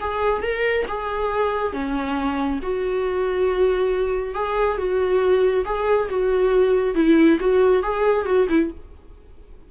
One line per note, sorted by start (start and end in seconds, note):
0.00 0.42 G#4
0.42 0.86 A#4
0.88 1.73 G#4
1.73 2.60 C#4
2.62 4.34 F#4
4.34 4.77 G#4
4.77 5.64 F#4
5.65 6.09 G#4
6.09 6.95 F#4
6.95 7.38 E4
7.40 7.83 F#4
7.83 8.25 G#4
8.25 8.47 F#4
8.49 8.71 E4